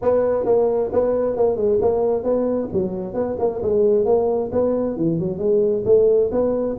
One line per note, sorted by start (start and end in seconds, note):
0.01 0.45 B3
0.45 0.90 A#3
0.92 1.36 B3
1.36 1.56 A#3
1.56 1.78 G#3
1.81 2.23 A#3
2.23 2.68 B3
2.72 3.14 F#3
3.14 3.36 B3
3.39 3.61 A#3
3.62 4.05 G#3
4.05 4.50 A#3
4.52 4.96 B3
4.96 5.19 E3
5.19 5.38 F#3
5.38 5.83 G#3
5.85 6.30 A3
6.31 6.76 B3